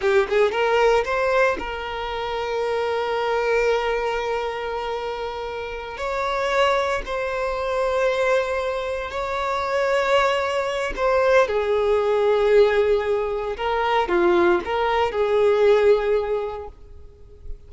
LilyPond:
\new Staff \with { instrumentName = "violin" } { \time 4/4 \tempo 4 = 115 g'8 gis'8 ais'4 c''4 ais'4~ | ais'1~ | ais'2.~ ais'8 cis''8~ | cis''4. c''2~ c''8~ |
c''4. cis''2~ cis''8~ | cis''4 c''4 gis'2~ | gis'2 ais'4 f'4 | ais'4 gis'2. | }